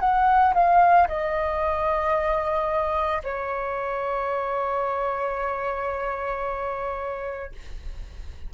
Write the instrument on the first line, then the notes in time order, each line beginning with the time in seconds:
flute
0.00 F#5
0.54 F5
1.08 D#5
3.23 C#5